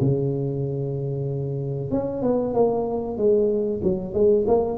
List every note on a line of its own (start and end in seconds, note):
0.00 1.91 C#3
1.91 2.22 C#4
2.22 2.54 B3
2.54 3.17 A#3
3.17 3.81 G#3
3.83 4.13 F#3
4.13 4.45 G#3
4.47 4.78 A#3